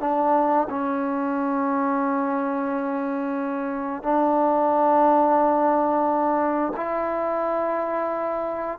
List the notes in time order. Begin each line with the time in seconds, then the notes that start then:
0.00 D4
0.70 C#4
4.03 D4
6.76 E4